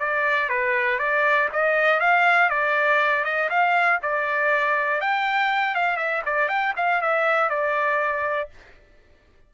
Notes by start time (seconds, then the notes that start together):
0.00 D5
0.50 B4
1.00 D5
1.53 D#5
2.01 F5
2.50 D5
3.25 D#5
3.50 F5
4.03 D5
5.01 G5
5.75 F5
5.97 E5
6.26 D5
6.49 G5
6.77 F5
7.02 E5
7.50 D5